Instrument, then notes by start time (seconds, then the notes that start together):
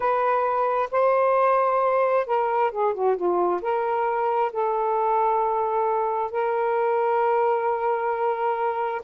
saxophone
0.00 B4
0.91 C5
2.26 A#4
2.71 G#4
2.94 F#4
3.16 F4
3.61 A#4
4.52 A4
6.31 A#4